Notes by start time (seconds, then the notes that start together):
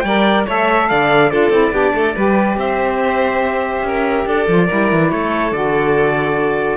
0.00 G3 D5 G5
0.07 A#4
0.46 A3 A4 C#5 E5
0.89 D3 D5 F5
1.30 D4 F4 A4 D5
1.50 C4 E4
1.71 B3 D4 G4
1.94 A3 A4
2.16 G3 G4 B4
2.57 C4 C5 E5
3.82 C#4 A#4
4.26 D4 A4 D5
4.46 F3 F4
4.67 G3 E4 A#4
4.92 E3
5.10 A3 A4 C#5
5.51 D3 F#4 D5